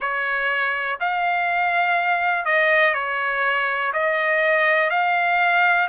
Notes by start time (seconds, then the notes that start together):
0.00 C#5
1.00 F5
2.45 D#5
2.94 C#5
3.93 D#5
4.90 F5